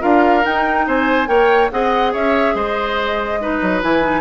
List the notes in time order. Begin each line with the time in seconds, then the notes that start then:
0.00 D4 F4 A#4 F5
0.42 D#4 G5
0.87 C4 C5 G#5
1.26 A#3 A#4 C#5 G5
1.71 C4 G#4 D#5 F#5
2.12 C#4 C#5 E5
2.54 G#3 C5 D#5
3.40 D#4 B4
3.62 F#3
3.82 E3 E4 G#5
4.01 D#4